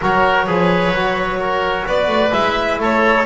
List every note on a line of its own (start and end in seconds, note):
0.00 0.47 F#3
0.00 0.47 F#4
0.00 0.46 A#4
0.00 1.87 C#5
0.46 0.91 F3
0.46 0.93 G#4
0.46 1.39 B4
0.91 1.84 F#3
0.91 2.31 F#4
1.39 1.86 A#4
1.87 2.07 B3
1.87 2.80 B4
1.87 2.33 D5
2.07 2.30 A3
2.31 2.78 G#3
2.31 3.24 E4
2.31 2.79 E5
2.78 3.25 A3
2.78 3.25 A4
2.78 3.25 C#5